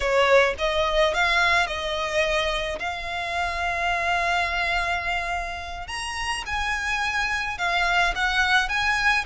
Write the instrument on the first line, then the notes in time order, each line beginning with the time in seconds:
violin
0.00 C#5
0.58 D#5
1.14 F5
1.66 D#5
2.79 F5
5.88 A#5
6.46 G#5
7.58 F5
8.15 F#5
8.68 G#5